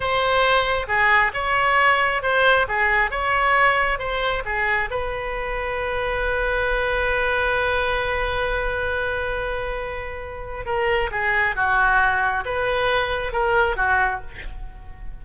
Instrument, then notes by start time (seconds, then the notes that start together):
oboe
0.00 C5
0.87 G#4
1.33 C#5
2.22 C5
2.67 G#4
3.11 C#5
3.99 C5
4.45 G#4
4.90 B4
10.65 A#4
11.11 G#4
11.55 F#4
12.45 B4
13.32 A#4
13.76 F#4